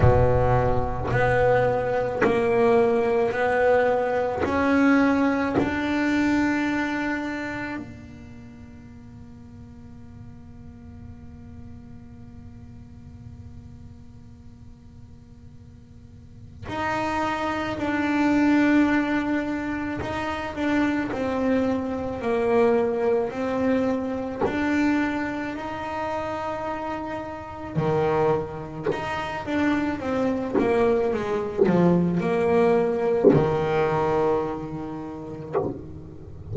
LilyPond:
\new Staff \with { instrumentName = "double bass" } { \time 4/4 \tempo 4 = 54 b,4 b4 ais4 b4 | cis'4 d'2 ais4~ | ais1~ | ais2. dis'4 |
d'2 dis'8 d'8 c'4 | ais4 c'4 d'4 dis'4~ | dis'4 dis4 dis'8 d'8 c'8 ais8 | gis8 f8 ais4 dis2 | }